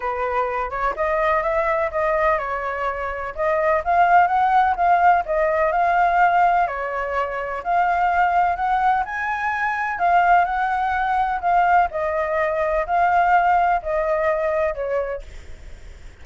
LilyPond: \new Staff \with { instrumentName = "flute" } { \time 4/4 \tempo 4 = 126 b'4. cis''8 dis''4 e''4 | dis''4 cis''2 dis''4 | f''4 fis''4 f''4 dis''4 | f''2 cis''2 |
f''2 fis''4 gis''4~ | gis''4 f''4 fis''2 | f''4 dis''2 f''4~ | f''4 dis''2 cis''4 | }